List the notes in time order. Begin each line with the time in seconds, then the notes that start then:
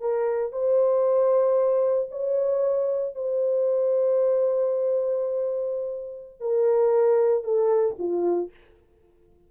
0.00 A#4
0.52 C5
2.11 C#5
3.15 C5
6.40 A#4
7.44 A4
7.98 F4